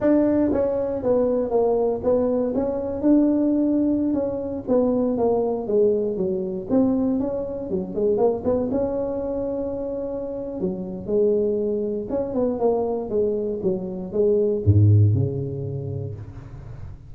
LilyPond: \new Staff \with { instrumentName = "tuba" } { \time 4/4 \tempo 4 = 119 d'4 cis'4 b4 ais4 | b4 cis'4 d'2~ | d'16 cis'4 b4 ais4 gis8.~ | gis16 fis4 c'4 cis'4 fis8 gis16~ |
gis16 ais8 b8 cis'2~ cis'8.~ | cis'4 fis4 gis2 | cis'8 b8 ais4 gis4 fis4 | gis4 gis,4 cis2 | }